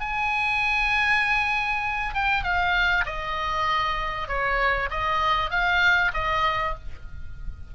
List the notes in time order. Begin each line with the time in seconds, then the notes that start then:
0.00 G#5
2.14 G5
2.44 F5
3.05 D#5
4.28 C#5
4.90 D#5
5.50 F5
6.13 D#5